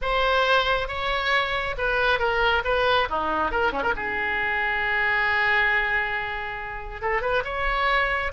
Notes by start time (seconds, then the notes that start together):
0.01 C5
0.88 C#5
1.77 B4
2.19 A#4
2.64 B4
3.09 D#4
3.51 A#4
3.72 C#4
3.82 A#4
3.95 G#4
7.01 A4
7.21 B4
7.44 C#5